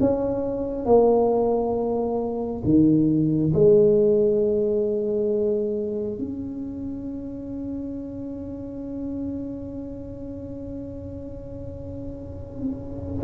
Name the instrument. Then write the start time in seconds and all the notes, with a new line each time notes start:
tuba
0.00 C#4
0.85 A#3
2.64 D#3
3.54 G#3
6.18 C#4